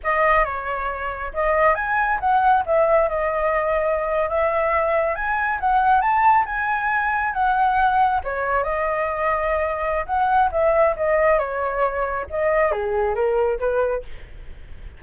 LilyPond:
\new Staff \with { instrumentName = "flute" } { \time 4/4 \tempo 4 = 137 dis''4 cis''2 dis''4 | gis''4 fis''4 e''4 dis''4~ | dis''4.~ dis''16 e''2 gis''16~ | gis''8. fis''4 a''4 gis''4~ gis''16~ |
gis''8. fis''2 cis''4 dis''16~ | dis''2. fis''4 | e''4 dis''4 cis''2 | dis''4 gis'4 ais'4 b'4 | }